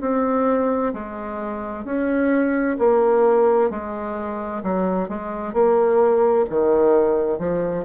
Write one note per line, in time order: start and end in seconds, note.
0.00 0.92 C4
0.93 1.84 G#3
1.84 2.77 C#4
2.78 3.70 A#3
3.70 4.62 G#3
4.63 5.09 F#3
5.09 5.53 G#3
5.53 6.45 A#3
6.49 7.38 D#3
7.38 7.84 F3